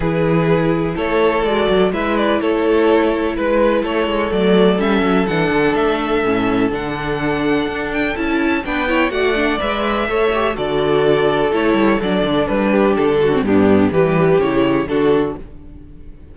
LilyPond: <<
  \new Staff \with { instrumentName = "violin" } { \time 4/4 \tempo 4 = 125 b'2 cis''4 d''4 | e''8 d''8 cis''2 b'4 | cis''4 d''4 e''4 fis''4 | e''2 fis''2~ |
fis''8 g''8 a''4 g''4 fis''4 | e''2 d''2 | cis''4 d''4 b'4 a'4 | g'4 b'4 cis''4 a'4 | }
  \new Staff \with { instrumentName = "violin" } { \time 4/4 gis'2 a'2 | b'4 a'2 b'4 | a'1~ | a'1~ |
a'2 b'8 cis''8 d''4~ | d''4 cis''4 a'2~ | a'2~ a'8 g'4 fis'8 | d'4 g'2 fis'4 | }
  \new Staff \with { instrumentName = "viola" } { \time 4/4 e'2. fis'4 | e'1~ | e'4 a4 cis'4 d'4~ | d'4 cis'4 d'2~ |
d'4 e'4 d'8 e'8 fis'8 d'8 | b'4 a'8 g'8 fis'2 | e'4 d'2~ d'8. c'16 | b4 g4 e'4 d'4 | }
  \new Staff \with { instrumentName = "cello" } { \time 4/4 e2 a4 gis8 fis8 | gis4 a2 gis4 | a8 gis8 fis4 g8 fis8 e8 d8 | a4 a,4 d2 |
d'4 cis'4 b4 a4 | gis4 a4 d2 | a8 g8 fis8 d8 g4 d4 | g,4 e4 cis4 d4 | }
>>